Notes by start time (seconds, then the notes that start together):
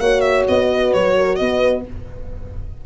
0.00 A#3 F#4 C#5 F#5
0.21 E5
0.48 B3 D#5
0.71 B4
0.93 F#3 C#5
1.16 A#4
1.36 B3 B4 D#5